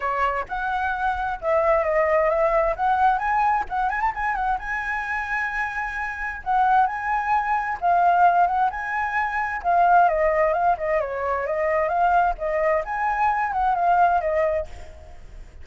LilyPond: \new Staff \with { instrumentName = "flute" } { \time 4/4 \tempo 4 = 131 cis''4 fis''2 e''4 | dis''4 e''4 fis''4 gis''4 | fis''8 gis''16 a''16 gis''8 fis''8 gis''2~ | gis''2 fis''4 gis''4~ |
gis''4 f''4. fis''8 gis''4~ | gis''4 f''4 dis''4 f''8 dis''8 | cis''4 dis''4 f''4 dis''4 | gis''4. fis''8 f''4 dis''4 | }